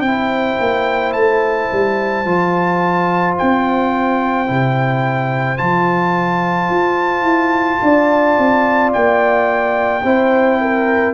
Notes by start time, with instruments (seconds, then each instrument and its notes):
0.00 tuba C4, trombone E4, horn C5, trumpet G5
0.59 tuba A#3
1.12 tuba A3, trumpet A5
1.72 tuba G3
2.25 tuba F3, trombone F4
3.37 tuba C4, trumpet G5
4.46 tuba C3, trombone E4
5.57 tuba F3, trombone F4, trumpet A5
6.69 tuba F4
7.22 tuba E4
7.81 tuba D4, horn D5
8.38 tuba C4
8.93 tuba A#3, trumpet G5
10.03 tuba C4, trombone E4, horn C5
10.60 horn A#4